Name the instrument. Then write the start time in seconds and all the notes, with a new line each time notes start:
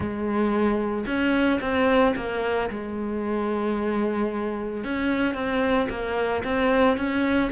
cello
0.00 G#3
1.06 C#4
1.61 C4
2.16 A#3
2.69 G#3
4.84 C#4
5.34 C4
5.89 A#3
6.44 C4
6.97 C#4